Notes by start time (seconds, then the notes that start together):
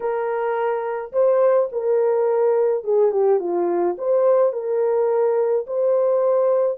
0.00 A#4
1.12 C5
1.72 A#4
2.84 G#4
3.11 G4
3.39 F4
3.98 C5
4.52 A#4
5.67 C5